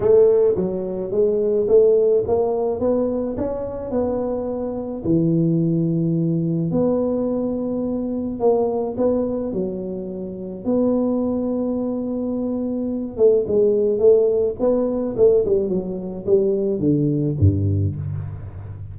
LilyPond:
\new Staff \with { instrumentName = "tuba" } { \time 4/4 \tempo 4 = 107 a4 fis4 gis4 a4 | ais4 b4 cis'4 b4~ | b4 e2. | b2. ais4 |
b4 fis2 b4~ | b2.~ b8 a8 | gis4 a4 b4 a8 g8 | fis4 g4 d4 g,4 | }